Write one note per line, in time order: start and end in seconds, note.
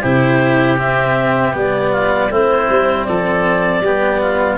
0.00 1.54 C3
0.00 0.77 E4
0.00 1.90 G4
0.00 0.77 C5
0.77 1.53 C4
0.77 1.55 E5
1.53 2.30 G3
1.53 2.29 B3
1.53 2.32 D5
1.91 2.29 F4
2.30 2.68 A3
2.30 3.82 C4
2.30 3.07 E4
2.30 3.05 C5
2.69 3.07 G3
3.05 3.80 F3
3.05 3.83 A4
3.05 4.56 D5
3.80 4.56 G3
3.80 4.57 B3
3.80 4.21 G4
4.21 4.57 F4